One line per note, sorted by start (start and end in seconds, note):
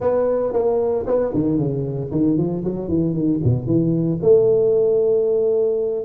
0.00 0.53 B3
0.53 1.05 A#3
1.06 1.33 B3
1.34 1.58 D#3
1.58 2.10 C#3
2.11 2.37 D#3
2.37 2.64 F3
2.64 2.88 F#3
2.88 3.13 E3
3.13 3.39 D#3
3.44 3.66 B2
3.66 4.19 E3
4.22 6.05 A3